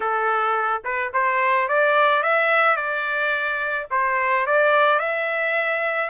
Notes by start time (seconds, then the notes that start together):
0.00 A4
0.84 B4
1.13 C5
1.68 D5
2.22 E5
2.76 D5
3.90 C5
4.46 D5
4.98 E5